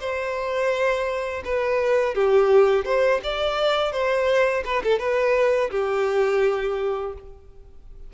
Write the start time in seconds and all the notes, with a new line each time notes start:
0.00 C5
1.44 B4
2.14 G4
2.85 C5
3.23 D5
3.92 C5
4.65 B4
4.83 A4
4.99 B4
5.70 G4